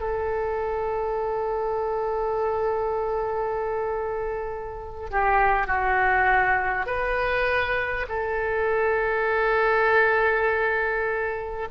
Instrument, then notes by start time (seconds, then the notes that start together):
oboe
0.00 A4
5.11 G4
5.67 F#4
6.86 B4
8.08 A4